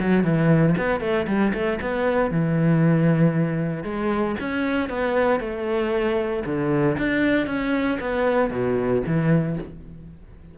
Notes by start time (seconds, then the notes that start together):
0.00 F#3
0.24 E3
0.77 B3
1.00 A3
1.27 G3
1.54 A3
1.81 B3
2.31 E3
3.84 G#3
4.40 C#4
4.89 B3
5.40 A3
6.45 D3
6.98 D4
7.46 C#4
8.00 B3
8.50 B2
9.06 E3